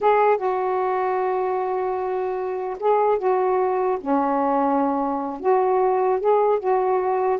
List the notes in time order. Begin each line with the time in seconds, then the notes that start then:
0.00 G#4
0.37 F#4
2.79 G#4
3.18 F#4
4.00 C#4
5.40 F#4
6.20 G#4
6.59 F#4